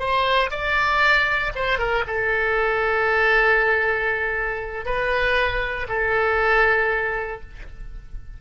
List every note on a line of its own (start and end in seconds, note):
0.00 0.51 C5
0.51 1.53 D5
1.56 1.79 C5
1.79 2.04 A#4
2.07 4.86 A4
4.86 5.88 B4
5.89 7.41 A4